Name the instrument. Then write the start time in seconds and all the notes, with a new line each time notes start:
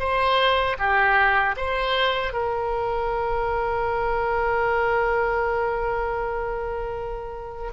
oboe
0.00 C5
0.79 G4
1.57 C5
2.34 A#4